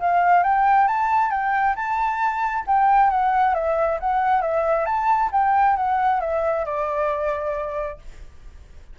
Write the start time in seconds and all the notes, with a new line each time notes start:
0.00 F5
0.43 G5
0.88 A5
1.31 G5
1.76 A5
2.67 G5
3.10 F#5
3.55 E5
4.00 F#5
4.42 E5
4.86 A5
5.32 G5
5.77 F#5
6.21 E5
6.66 D5